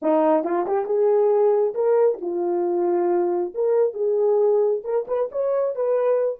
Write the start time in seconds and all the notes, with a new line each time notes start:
0.01 D#4
0.44 F4
0.66 G4
0.85 G#4
1.74 A#4
2.21 F4
3.54 A#4
3.93 G#4
4.84 A#4
5.07 B4
5.31 C#5
5.75 B4